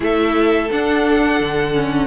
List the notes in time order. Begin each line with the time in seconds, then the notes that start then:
0.00 A3 E4 A4 E5
0.71 D4 F#5
1.40 D3
1.73 C#4